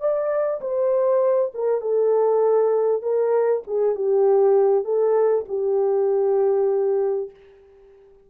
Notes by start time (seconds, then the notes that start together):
0.00 D5
0.61 C5
1.54 A#4
1.81 A4
3.02 A#4
3.67 G#4
3.95 G4
4.84 A4
5.48 G4